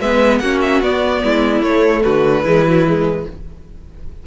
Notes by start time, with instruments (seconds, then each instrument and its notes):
0.00 cello G#3, viola B3, violin B4 E5
0.39 cello A#3, viola C#4, violin F#4 F#5
0.62 violin E5
0.82 cello B3, viola B3, violin D5
1.24 cello G#3, violin E4
1.61 cello A3, viola A3, violin C#5
2.04 cello D3, violin F#4 B4
2.43 cello E3, viola G#3, violin E4
2.66 viola F#3
2.86 viola G#3